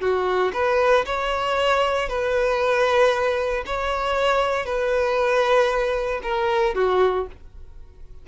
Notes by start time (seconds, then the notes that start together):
0.00 F#4
0.53 B4
1.05 C#5
2.08 B4
3.66 C#5
4.65 B4
6.23 A#4
6.75 F#4